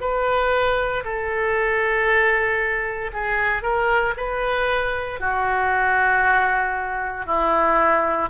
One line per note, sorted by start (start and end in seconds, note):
0.00 1.03 B4
1.04 3.11 A4
3.13 3.62 G#4
3.62 4.14 A#4
4.17 5.20 B4
5.20 7.26 F#4
7.26 8.29 E4